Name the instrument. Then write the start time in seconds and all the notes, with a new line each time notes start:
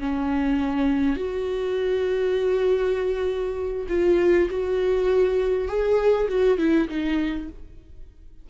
viola
0.00 C#4
1.17 F#4
3.89 F4
4.50 F#4
5.68 G#4
6.29 F#4
6.58 E4
6.89 D#4